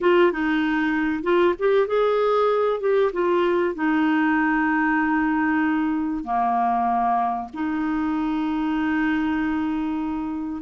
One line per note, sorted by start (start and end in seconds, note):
0.00 0.32 F4
0.32 1.23 D#4
1.23 1.54 F4
1.58 1.87 G4
1.87 2.80 G#4
2.80 3.11 G4
3.12 3.74 F4
3.74 6.24 D#4
6.24 7.49 A#3
7.53 10.62 D#4